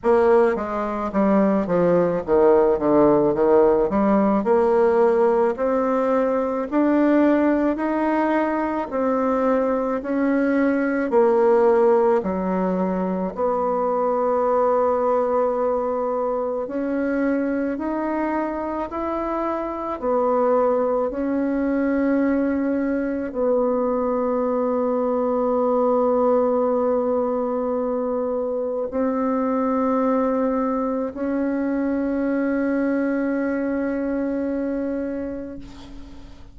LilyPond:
\new Staff \with { instrumentName = "bassoon" } { \time 4/4 \tempo 4 = 54 ais8 gis8 g8 f8 dis8 d8 dis8 g8 | ais4 c'4 d'4 dis'4 | c'4 cis'4 ais4 fis4 | b2. cis'4 |
dis'4 e'4 b4 cis'4~ | cis'4 b2.~ | b2 c'2 | cis'1 | }